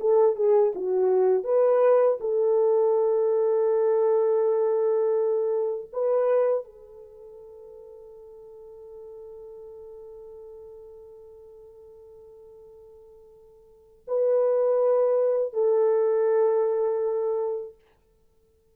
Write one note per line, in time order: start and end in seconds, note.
0.00 0.36 A4
0.36 0.73 G#4
0.75 1.44 F#4
1.44 2.18 B4
2.20 5.91 A4
5.93 6.64 B4
6.64 14.05 A4
14.07 15.53 B4
15.53 17.75 A4